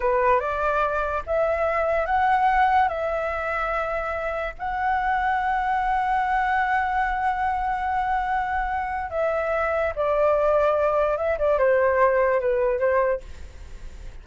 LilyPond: \new Staff \with { instrumentName = "flute" } { \time 4/4 \tempo 4 = 145 b'4 d''2 e''4~ | e''4 fis''2 e''4~ | e''2. fis''4~ | fis''1~ |
fis''1~ | fis''2 e''2 | d''2. e''8 d''8 | c''2 b'4 c''4 | }